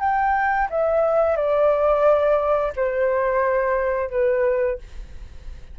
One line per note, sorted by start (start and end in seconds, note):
0.00 0.68 G5
0.70 1.37 E5
1.37 2.73 D5
2.76 4.10 C5
4.10 4.79 B4